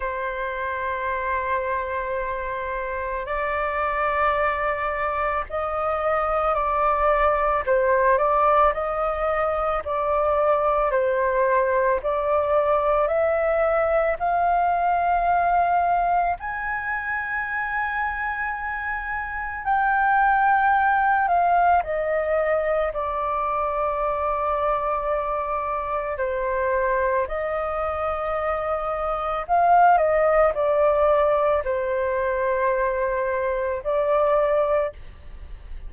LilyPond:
\new Staff \with { instrumentName = "flute" } { \time 4/4 \tempo 4 = 55 c''2. d''4~ | d''4 dis''4 d''4 c''8 d''8 | dis''4 d''4 c''4 d''4 | e''4 f''2 gis''4~ |
gis''2 g''4. f''8 | dis''4 d''2. | c''4 dis''2 f''8 dis''8 | d''4 c''2 d''4 | }